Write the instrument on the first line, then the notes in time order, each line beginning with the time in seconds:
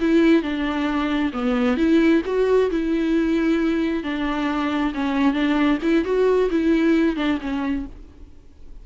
viola
0.00 E4
0.42 D4
1.33 B3
1.77 E4
2.25 F#4
2.70 E4
4.03 D4
4.94 C#4
5.33 D4
5.82 E4
6.04 F#4
6.50 E4
7.16 D4
7.41 C#4